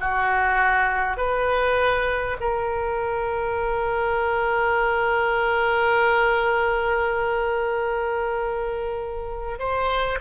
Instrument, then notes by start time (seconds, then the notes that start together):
oboe
0.00 F#4
1.17 B4
2.40 A#4
9.59 C5